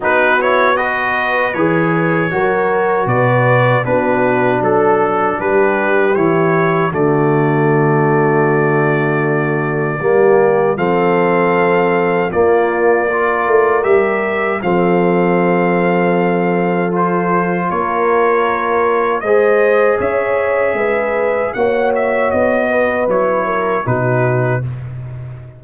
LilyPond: <<
  \new Staff \with { instrumentName = "trumpet" } { \time 4/4 \tempo 4 = 78 b'8 cis''8 dis''4 cis''2 | d''4 b'4 a'4 b'4 | cis''4 d''2.~ | d''2 f''2 |
d''2 e''4 f''4~ | f''2 c''4 cis''4~ | cis''4 dis''4 e''2 | fis''8 e''8 dis''4 cis''4 b'4 | }
  \new Staff \with { instrumentName = "horn" } { \time 4/4 fis'4 b'2 ais'4 | b'4 fis'4 a'4 g'4~ | g'4 fis'2.~ | fis'4 g'4 a'2 |
f'4 ais'2 a'4~ | a'2. ais'4~ | ais'4 c''4 cis''4 b'4 | cis''4. b'4 ais'8 fis'4 | }
  \new Staff \with { instrumentName = "trombone" } { \time 4/4 dis'8 e'8 fis'4 gis'4 fis'4~ | fis'4 d'2. | e'4 a2.~ | a4 ais4 c'2 |
ais4 f'4 g'4 c'4~ | c'2 f'2~ | f'4 gis'2. | fis'2 e'4 dis'4 | }
  \new Staff \with { instrumentName = "tuba" } { \time 4/4 b2 e4 fis4 | b,4 b4 fis4 g4 | e4 d2.~ | d4 g4 f2 |
ais4. a8 g4 f4~ | f2. ais4~ | ais4 gis4 cis'4 gis4 | ais4 b4 fis4 b,4 | }
>>